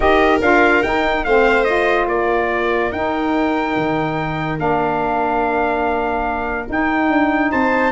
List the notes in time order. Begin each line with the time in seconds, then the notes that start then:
0.00 D#4 G4 A#4 D#5
0.41 D4 F4 F5
0.82 D#4 G5
1.24 A3 C4 C5 F5
1.64 F4 D#5
2.07 A#3 A#4 D5
2.92 D#4 G5
3.76 D#3
4.57 A#3 D4 F5
6.69 D#4 G5
7.09 D4
7.51 C4 C5 A5